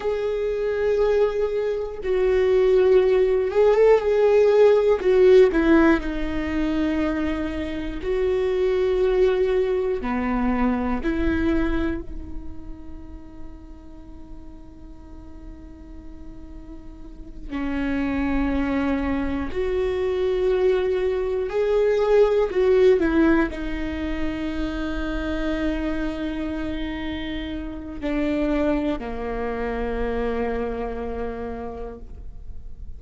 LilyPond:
\new Staff \with { instrumentName = "viola" } { \time 4/4 \tempo 4 = 60 gis'2 fis'4. gis'16 a'16 | gis'4 fis'8 e'8 dis'2 | fis'2 b4 e'4 | dis'1~ |
dis'4. cis'2 fis'8~ | fis'4. gis'4 fis'8 e'8 dis'8~ | dis'1 | d'4 ais2. | }